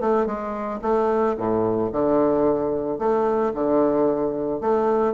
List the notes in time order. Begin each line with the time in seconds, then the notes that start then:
0.00 A3
0.26 G#3
0.82 A3
1.37 A2
1.92 D3
2.99 A3
3.54 D3
4.60 A3